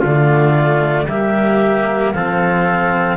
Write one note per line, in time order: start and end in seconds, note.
0.00 1.07 D3
0.00 1.08 A3
0.00 1.05 F4
0.00 1.09 D5
1.07 2.12 G3
1.07 2.14 A#3
1.07 2.15 G4
1.07 2.13 E5
2.13 3.16 F3
2.13 3.16 C4
2.13 3.16 A4
2.13 3.16 F5